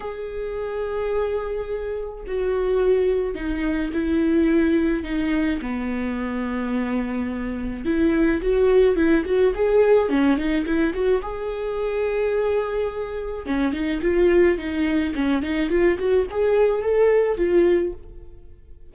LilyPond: \new Staff \with { instrumentName = "viola" } { \time 4/4 \tempo 4 = 107 gis'1 | fis'2 dis'4 e'4~ | e'4 dis'4 b2~ | b2 e'4 fis'4 |
e'8 fis'8 gis'4 cis'8 dis'8 e'8 fis'8 | gis'1 | cis'8 dis'8 f'4 dis'4 cis'8 dis'8 | f'8 fis'8 gis'4 a'4 f'4 | }